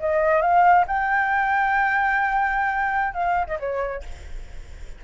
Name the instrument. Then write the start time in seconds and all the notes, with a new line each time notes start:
flute
0.00 D#5
0.41 F5
0.88 G5
3.14 F5
3.47 D#5
3.59 C#5